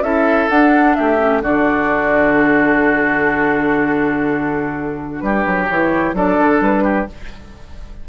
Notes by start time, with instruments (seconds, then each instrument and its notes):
0.00 bassoon C#4, clarinet E4, oboe A4, flute E5
0.49 clarinet D4, bassoon D4, flute F#5
0.95 bassoon A3, oboe G4, flute E5
1.18 clarinet C#4
1.42 bassoon D3, clarinet D4, oboe F#4, flute D5
2.33 flute A4
5.19 bassoon G3, oboe G4, flute B4
5.46 bassoon F#3
5.69 bassoon E3, clarinet E4, flute C#5
6.13 bassoon F#3, clarinet D4, oboe A4, flute D5
6.39 bassoon D3
6.60 bassoon G3, flute B4
6.83 oboe G4